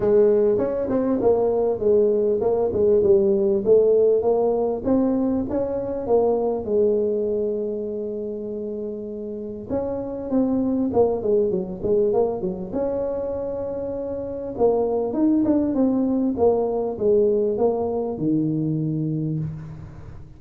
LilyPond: \new Staff \with { instrumentName = "tuba" } { \time 4/4 \tempo 4 = 99 gis4 cis'8 c'8 ais4 gis4 | ais8 gis8 g4 a4 ais4 | c'4 cis'4 ais4 gis4~ | gis1 |
cis'4 c'4 ais8 gis8 fis8 gis8 | ais8 fis8 cis'2. | ais4 dis'8 d'8 c'4 ais4 | gis4 ais4 dis2 | }